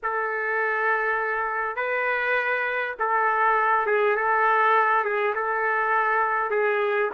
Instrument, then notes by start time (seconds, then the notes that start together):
trumpet
0.02 A4
1.76 B4
2.99 A4
3.86 G#4
4.16 A4
5.04 G#4
5.35 A4
6.50 G#4